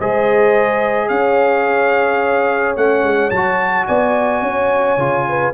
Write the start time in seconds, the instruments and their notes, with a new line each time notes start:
0.00 tuba G#3, trombone G#4, horn C5, trumpet D#5
1.09 tuba C#4, horn C#5, trumpet F5
2.77 tuba A3, trombone C#4, trumpet F#5
3.03 tuba G#3
3.31 tuba F#3, trombone F#4, trumpet A5
3.87 tuba B3, horn D5, trumpet G#5
4.42 tuba C#4, horn C#5
4.97 tuba C#3, trombone F4
5.29 horn B4